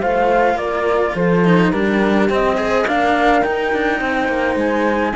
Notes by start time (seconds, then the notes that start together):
0.00 A3 F4 C5 F5
0.55 A#3 A#4 D5
1.15 F3 A4 C5
1.45 D#4
1.71 G3 D4 G4 A#4
2.30 C4 D#5
2.57 G#4 C5
2.85 A#3 D4 A#4 F5
3.42 D#4 G5
3.73 D4
3.99 C4 C5
4.28 A#3
4.55 G#3 G#5